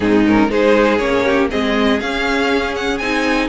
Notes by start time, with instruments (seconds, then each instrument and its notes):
0.00 cello G#2, viola C4, violin D#4 G#4
0.26 viola C#4, violin A#4
0.49 cello G#3, viola D#4, violin G#4 C5
0.97 cello A#3, viola C#4, violin C#5
1.24 violin G4
1.50 cello G#3, viola C4, violin G#4 D#5
1.99 viola C#4, cello C#4, violin F5
2.75 violin F#5
2.98 cello C4, viola D#4, violin G#5